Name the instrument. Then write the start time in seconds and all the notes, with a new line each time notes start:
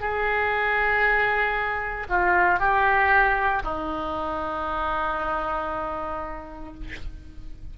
oboe
0.00 G#4
2.09 F4
2.60 G4
3.64 D#4